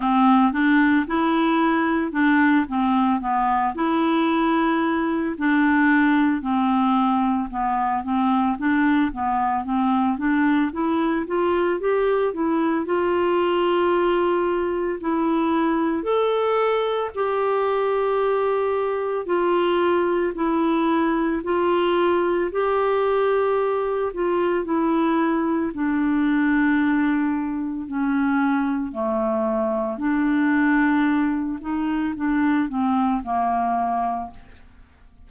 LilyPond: \new Staff \with { instrumentName = "clarinet" } { \time 4/4 \tempo 4 = 56 c'8 d'8 e'4 d'8 c'8 b8 e'8~ | e'4 d'4 c'4 b8 c'8 | d'8 b8 c'8 d'8 e'8 f'8 g'8 e'8 | f'2 e'4 a'4 |
g'2 f'4 e'4 | f'4 g'4. f'8 e'4 | d'2 cis'4 a4 | d'4. dis'8 d'8 c'8 ais4 | }